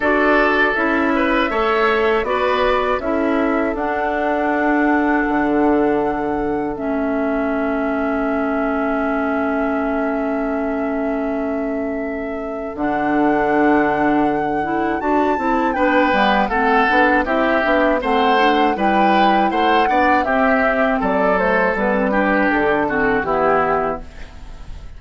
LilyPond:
<<
  \new Staff \with { instrumentName = "flute" } { \time 4/4 \tempo 4 = 80 d''4 e''2 d''4 | e''4 fis''2.~ | fis''4 e''2.~ | e''1~ |
e''4 fis''2. | a''4 g''4 fis''4 e''4 | fis''4 g''4 fis''4 e''4 | d''8 c''8 b'4 a'4 g'4 | }
  \new Staff \with { instrumentName = "oboe" } { \time 4/4 a'4. b'8 cis''4 b'4 | a'1~ | a'1~ | a'1~ |
a'1~ | a'4 b'4 a'4 g'4 | c''4 b'4 c''8 d''8 g'4 | a'4. g'4 fis'8 e'4 | }
  \new Staff \with { instrumentName = "clarinet" } { \time 4/4 fis'4 e'4 a'4 fis'4 | e'4 d'2.~ | d'4 cis'2.~ | cis'1~ |
cis'4 d'2~ d'8 e'8 | fis'8 e'8 d'8 b8 c'8 d'8 e'8 d'8 | c'8 d'8 e'4. d'8 c'4~ | c'8 a8 b16 c'16 d'4 c'8 b4 | }
  \new Staff \with { instrumentName = "bassoon" } { \time 4/4 d'4 cis'4 a4 b4 | cis'4 d'2 d4~ | d4 a2.~ | a1~ |
a4 d2. | d'8 c'8 b8 g8 a8 b8 c'8 b8 | a4 g4 a8 b8 c'4 | fis4 g4 d4 e4 | }
>>